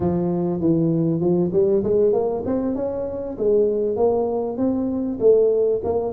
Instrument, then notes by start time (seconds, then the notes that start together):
tuba
0.00 F3
0.60 E3
1.20 F3
1.52 G3
1.83 G#3
2.12 A#3
2.45 C4
2.75 C#4
3.38 G#3
3.96 A#3
4.57 C4
5.20 A3
5.84 A#3